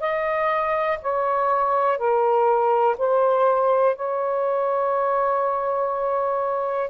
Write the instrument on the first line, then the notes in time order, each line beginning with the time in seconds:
saxophone
0.00 D#5
1.02 C#5
1.98 A#4
2.97 C5
3.95 C#5